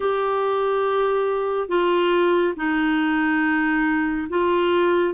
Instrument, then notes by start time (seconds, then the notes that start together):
clarinet
0.00 G4
1.68 F4
2.56 D#4
4.29 F4